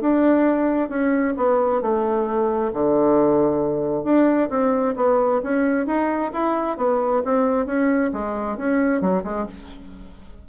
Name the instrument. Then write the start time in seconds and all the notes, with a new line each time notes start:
bassoon
0.00 D4
0.89 C#4
1.37 B3
1.81 A3
2.73 D3
4.04 D4
4.49 C4
4.95 B3
5.43 C#4
5.86 D#4
6.33 E4
6.77 B3
7.24 C4
7.65 C#4
8.12 G#3
8.57 C#4
9.01 F#3
9.24 G#3